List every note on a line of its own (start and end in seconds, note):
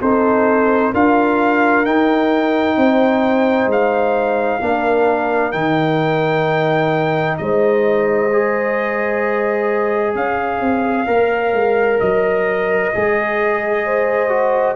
0.00 0.93 C4
0.00 0.93 D#4
0.00 0.91 A4
0.00 0.94 C5
0.91 1.85 D4
0.91 1.85 F4
0.91 2.76 A#4
0.91 1.85 F5
1.85 2.77 D#4
1.85 4.61 D#4
1.85 3.70 G5
2.77 3.66 C4
2.77 4.61 C5
3.66 4.58 G#3
3.66 5.52 F5
4.61 5.53 A#3
4.61 5.53 D4
4.61 7.39 A#4
5.52 7.38 D#3
5.52 8.30 D#4
5.52 7.37 G5
7.37 10.15 G#3
7.37 10.16 C5
7.37 10.14 D#5
8.32 11.06 G#4
10.15 10.60 C#4
10.15 13.85 C#5
10.15 12.00 F5
10.60 11.06 C4
11.06 11.53 A#3
11.06 12.91 A#4
11.53 11.99 G#3
12.00 12.93 F#3
12.00 14.76 D#5
12.94 14.76 G#3
12.94 14.29 G#4
13.85 14.76 C5
14.29 14.75 F#4